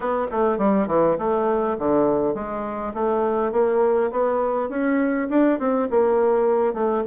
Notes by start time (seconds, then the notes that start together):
0.00 B3
0.31 A3
0.58 G3
0.87 E3
1.18 A3
1.78 D3
2.34 G#3
2.94 A3
3.51 A#3
4.11 B3
4.69 C#4
5.29 D4
5.59 C4
5.90 A#3
6.73 A3